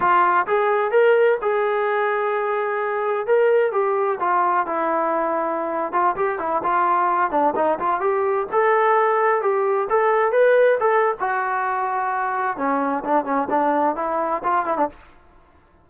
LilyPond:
\new Staff \with { instrumentName = "trombone" } { \time 4/4 \tempo 4 = 129 f'4 gis'4 ais'4 gis'4~ | gis'2. ais'4 | g'4 f'4 e'2~ | e'8. f'8 g'8 e'8 f'4. d'16~ |
d'16 dis'8 f'8 g'4 a'4.~ a'16~ | a'16 g'4 a'4 b'4 a'8. | fis'2. cis'4 | d'8 cis'8 d'4 e'4 f'8 e'16 d'16 | }